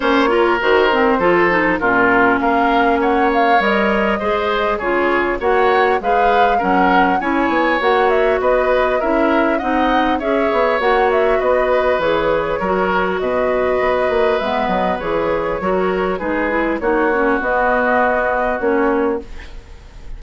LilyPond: <<
  \new Staff \with { instrumentName = "flute" } { \time 4/4 \tempo 4 = 100 cis''4 c''2 ais'4 | f''4 fis''8 f''8 dis''2 | cis''4 fis''4 f''4 fis''4 | gis''4 fis''8 e''8 dis''4 e''4 |
fis''4 e''4 fis''8 e''8 dis''4 | cis''2 dis''2 | e''8 dis''8 cis''2 b'4 | cis''4 dis''2 cis''4 | }
  \new Staff \with { instrumentName = "oboe" } { \time 4/4 c''8 ais'4. a'4 f'4 | ais'4 cis''2 c''4 | gis'4 cis''4 b'4 ais'4 | cis''2 b'4 ais'4 |
dis''4 cis''2 b'4~ | b'4 ais'4 b'2~ | b'2 ais'4 gis'4 | fis'1 | }
  \new Staff \with { instrumentName = "clarinet" } { \time 4/4 cis'8 f'8 fis'8 c'8 f'8 dis'8 cis'4~ | cis'2 ais'4 gis'4 | f'4 fis'4 gis'4 cis'4 | e'4 fis'2 e'4 |
dis'4 gis'4 fis'2 | gis'4 fis'2. | b4 gis'4 fis'4 dis'8 e'8 | dis'8 cis'8 b2 cis'4 | }
  \new Staff \with { instrumentName = "bassoon" } { \time 4/4 ais4 dis4 f4 ais,4 | ais2 g4 gis4 | cis4 ais4 gis4 fis4 | cis'8 b8 ais4 b4 cis'4 |
c'4 cis'8 b8 ais4 b4 | e4 fis4 b,4 b8 ais8 | gis8 fis8 e4 fis4 gis4 | ais4 b2 ais4 | }
>>